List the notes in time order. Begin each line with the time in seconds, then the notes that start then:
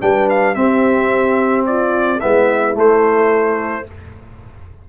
0.00 G3 D4 B4 G5
0.29 F5
0.54 C4 G4 E5
1.66 F4 D5
2.20 G#3 B3 E4 E5
2.74 A3 C5